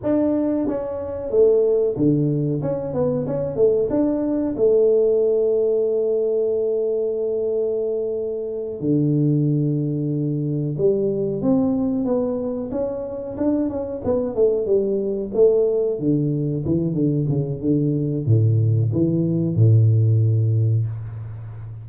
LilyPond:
\new Staff \with { instrumentName = "tuba" } { \time 4/4 \tempo 4 = 92 d'4 cis'4 a4 d4 | cis'8 b8 cis'8 a8 d'4 a4~ | a1~ | a4. d2~ d8~ |
d8 g4 c'4 b4 cis'8~ | cis'8 d'8 cis'8 b8 a8 g4 a8~ | a8 d4 e8 d8 cis8 d4 | a,4 e4 a,2 | }